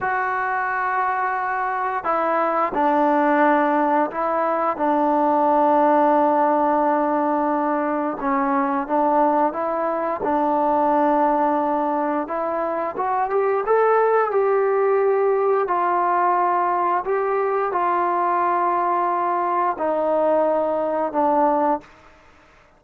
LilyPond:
\new Staff \with { instrumentName = "trombone" } { \time 4/4 \tempo 4 = 88 fis'2. e'4 | d'2 e'4 d'4~ | d'1 | cis'4 d'4 e'4 d'4~ |
d'2 e'4 fis'8 g'8 | a'4 g'2 f'4~ | f'4 g'4 f'2~ | f'4 dis'2 d'4 | }